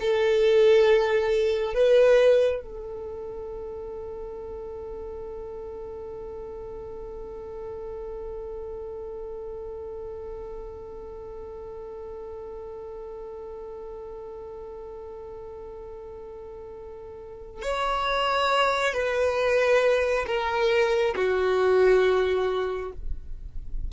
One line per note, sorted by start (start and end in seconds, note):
0.00 1.74 A4
1.74 2.62 B4
2.62 17.62 A4
17.62 18.93 C#5
18.93 20.26 B4
20.27 21.15 A#4
21.16 22.92 F#4